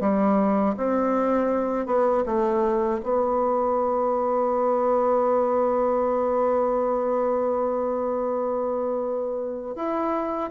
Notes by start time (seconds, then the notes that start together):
0.00 G3
0.77 C4
1.86 B3
2.25 A3
3.02 B3
9.75 E4